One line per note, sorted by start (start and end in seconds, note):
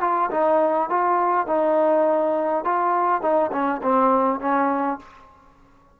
0.00 0.29 F4
0.30 0.89 D#4
0.89 1.46 F4
1.46 2.64 D#4
2.64 3.21 F4
3.21 3.51 D#4
3.52 3.81 C#4
3.82 4.40 C4
4.40 4.99 C#4